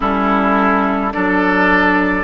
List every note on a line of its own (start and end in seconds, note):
0.00 1.14 G3
0.00 1.11 C#4
0.00 1.13 E4
0.00 1.12 A4
1.12 2.24 F#3
1.12 2.24 D4
1.12 2.24 A4
1.12 2.24 D5